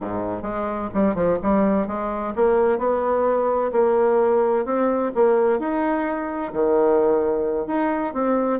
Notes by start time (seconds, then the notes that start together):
0.00 G#2
0.42 G#3
0.93 G3
1.14 F3
1.42 G3
1.87 G#3
2.35 A#3
2.78 B3
3.72 A#3
4.65 C4
5.14 A#3
5.59 D#4
6.52 D#3
7.67 D#4
8.13 C4